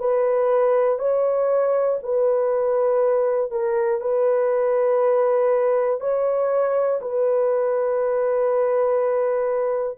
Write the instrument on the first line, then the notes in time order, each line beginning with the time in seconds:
horn
0.00 B4
0.99 C#5
2.03 B4
3.51 A#4
4.01 B4
6.01 C#5
7.02 B4